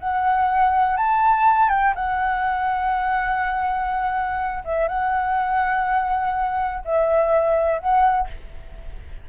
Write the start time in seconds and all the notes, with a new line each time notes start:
0.00 F#5
0.97 A5
1.70 G5
1.96 F#5
4.65 E5
4.88 F#5
6.85 E5
7.79 F#5